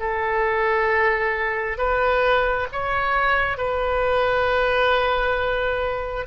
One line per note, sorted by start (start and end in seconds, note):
0.00 1.78 A4
1.78 2.67 B4
2.72 3.58 C#5
3.58 6.26 B4